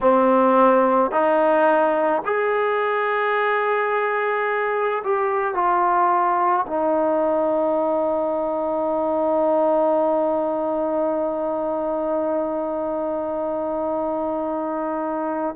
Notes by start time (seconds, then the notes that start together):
0.00 C4
1.11 D#4
2.25 G#4
5.04 G4
5.54 F4
6.67 D#4